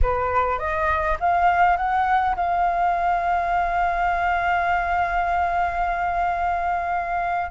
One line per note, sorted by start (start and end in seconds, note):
0.02 0.59 B4
0.59 1.17 D#5
1.20 1.76 F5
1.76 2.35 F#5
2.36 7.50 F5